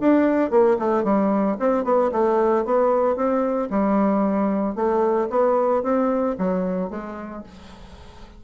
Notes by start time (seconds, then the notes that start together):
0.00 D4
0.50 A#3
0.79 A3
1.04 G3
1.59 C4
1.84 B3
2.12 A3
2.65 B3
3.16 C4
3.70 G3
4.75 A3
5.30 B3
5.83 C4
6.38 F#3
6.90 G#3